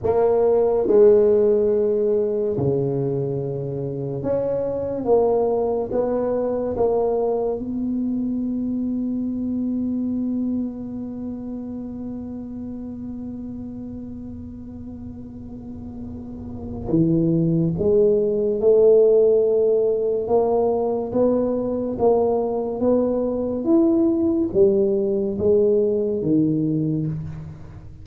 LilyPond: \new Staff \with { instrumentName = "tuba" } { \time 4/4 \tempo 4 = 71 ais4 gis2 cis4~ | cis4 cis'4 ais4 b4 | ais4 b2.~ | b1~ |
b1 | e4 gis4 a2 | ais4 b4 ais4 b4 | e'4 g4 gis4 dis4 | }